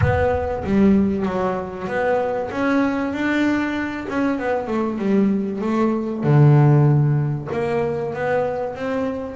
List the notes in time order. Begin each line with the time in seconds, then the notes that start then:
0.01 B3
0.63 G3
1.25 F#3
1.87 B3
2.51 C#4
3.12 D4
4.08 C#4
4.38 B3
4.67 A3
4.98 G3
5.61 A3
6.23 D3
7.51 A#3
8.14 B3
8.75 C4